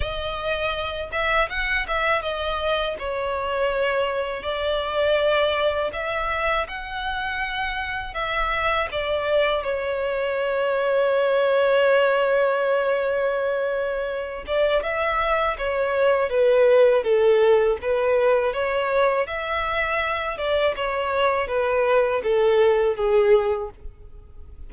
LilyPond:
\new Staff \with { instrumentName = "violin" } { \time 4/4 \tempo 4 = 81 dis''4. e''8 fis''8 e''8 dis''4 | cis''2 d''2 | e''4 fis''2 e''4 | d''4 cis''2.~ |
cis''2.~ cis''8 d''8 | e''4 cis''4 b'4 a'4 | b'4 cis''4 e''4. d''8 | cis''4 b'4 a'4 gis'4 | }